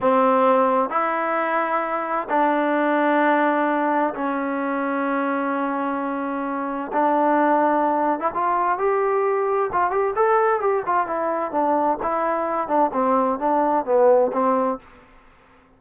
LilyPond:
\new Staff \with { instrumentName = "trombone" } { \time 4/4 \tempo 4 = 130 c'2 e'2~ | e'4 d'2.~ | d'4 cis'2.~ | cis'2. d'4~ |
d'4.~ d'16 e'16 f'4 g'4~ | g'4 f'8 g'8 a'4 g'8 f'8 | e'4 d'4 e'4. d'8 | c'4 d'4 b4 c'4 | }